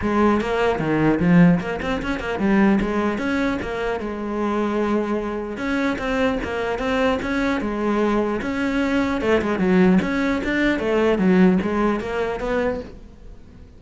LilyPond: \new Staff \with { instrumentName = "cello" } { \time 4/4 \tempo 4 = 150 gis4 ais4 dis4 f4 | ais8 c'8 cis'8 ais8 g4 gis4 | cis'4 ais4 gis2~ | gis2 cis'4 c'4 |
ais4 c'4 cis'4 gis4~ | gis4 cis'2 a8 gis8 | fis4 cis'4 d'4 a4 | fis4 gis4 ais4 b4 | }